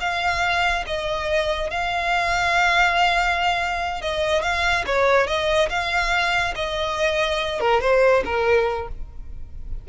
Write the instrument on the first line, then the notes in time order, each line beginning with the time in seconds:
violin
0.00 F5
0.87 D#5
1.70 F5
4.02 D#5
4.42 F5
4.86 C#5
5.27 D#5
5.69 F5
6.55 D#5
7.60 A#4
7.81 C5
8.25 A#4